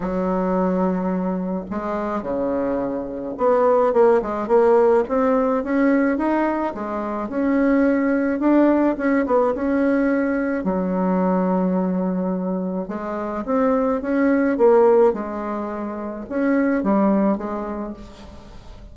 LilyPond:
\new Staff \with { instrumentName = "bassoon" } { \time 4/4 \tempo 4 = 107 fis2. gis4 | cis2 b4 ais8 gis8 | ais4 c'4 cis'4 dis'4 | gis4 cis'2 d'4 |
cis'8 b8 cis'2 fis4~ | fis2. gis4 | c'4 cis'4 ais4 gis4~ | gis4 cis'4 g4 gis4 | }